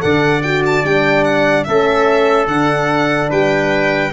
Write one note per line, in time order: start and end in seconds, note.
0.00 0.84 D3
0.00 0.41 A4
0.00 1.69 D5
0.00 0.42 F#5
0.42 0.84 F#4
0.42 0.63 G5
0.66 0.86 A5
0.84 1.66 G3
0.84 1.66 D4
0.84 1.24 G5
1.24 1.64 F#5
1.64 2.48 A3
1.64 2.49 C#4
1.64 3.30 A4
1.64 2.46 E5
2.48 3.30 D3
2.48 4.14 D4
2.48 3.30 F#5
3.30 4.14 G3
3.30 4.12 B4
3.30 4.14 G5